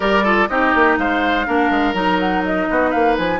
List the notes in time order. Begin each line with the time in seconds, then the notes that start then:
0.00 G3 G4 A#4 D5
0.23 F4 A4
0.48 C4 D#4 G4 D#5
0.74 A#3
0.97 G#3 C5 F5
1.46 A#3 D4 A#4
1.70 G#3
1.93 F#3 D#4 A#5
2.19 F#5
2.45 D#5
2.70 B3 F#4
2.90 A#3 B4 F5
3.17 F3 G#5